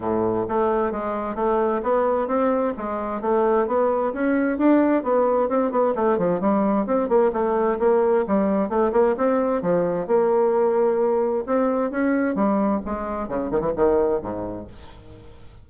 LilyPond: \new Staff \with { instrumentName = "bassoon" } { \time 4/4 \tempo 4 = 131 a,4 a4 gis4 a4 | b4 c'4 gis4 a4 | b4 cis'4 d'4 b4 | c'8 b8 a8 f8 g4 c'8 ais8 |
a4 ais4 g4 a8 ais8 | c'4 f4 ais2~ | ais4 c'4 cis'4 g4 | gis4 cis8 dis16 e16 dis4 gis,4 | }